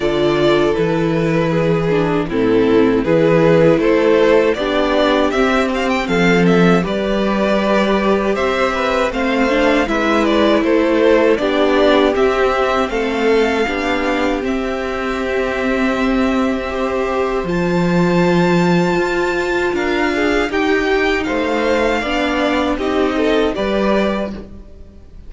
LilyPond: <<
  \new Staff \with { instrumentName = "violin" } { \time 4/4 \tempo 4 = 79 d''4 b'2 a'4 | b'4 c''4 d''4 e''8 f''16 g''16 | f''8 e''8 d''2 e''4 | f''4 e''8 d''8 c''4 d''4 |
e''4 f''2 e''4~ | e''2. a''4~ | a''2 f''4 g''4 | f''2 dis''4 d''4 | }
  \new Staff \with { instrumentName = "violin" } { \time 4/4 a'2 gis'4 e'4 | gis'4 a'4 g'2 | a'4 b'2 c''8 b'8 | c''4 b'4 a'4 g'4~ |
g'4 a'4 g'2~ | g'2 c''2~ | c''2 ais'8 gis'8 g'4 | c''4 d''4 g'8 a'8 b'4 | }
  \new Staff \with { instrumentName = "viola" } { \time 4/4 f'4 e'4. d'8 c'4 | e'2 d'4 c'4~ | c'4 g'2. | c'8 d'8 e'2 d'4 |
c'2 d'4 c'4~ | c'2 g'4 f'4~ | f'2. dis'4~ | dis'4 d'4 dis'4 g'4 | }
  \new Staff \with { instrumentName = "cello" } { \time 4/4 d4 e2 a,4 | e4 a4 b4 c'4 | f4 g2 c'4 | a4 gis4 a4 b4 |
c'4 a4 b4 c'4~ | c'2. f4~ | f4 f'4 d'4 dis'4 | a4 b4 c'4 g4 | }
>>